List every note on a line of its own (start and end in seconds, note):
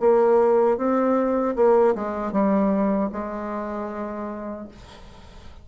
0.00 0.78 A#3
0.78 1.55 C4
1.56 1.95 A#3
1.95 2.33 G#3
2.33 3.11 G3
3.12 4.68 G#3